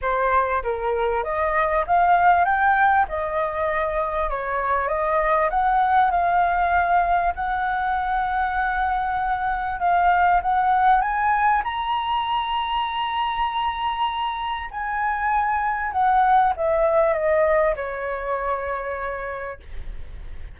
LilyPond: \new Staff \with { instrumentName = "flute" } { \time 4/4 \tempo 4 = 98 c''4 ais'4 dis''4 f''4 | g''4 dis''2 cis''4 | dis''4 fis''4 f''2 | fis''1 |
f''4 fis''4 gis''4 ais''4~ | ais''1 | gis''2 fis''4 e''4 | dis''4 cis''2. | }